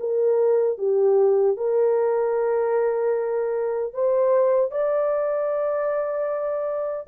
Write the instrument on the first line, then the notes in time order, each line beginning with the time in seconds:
horn
0.00 A#4
0.78 G4
1.57 A#4
3.94 C5
4.71 D5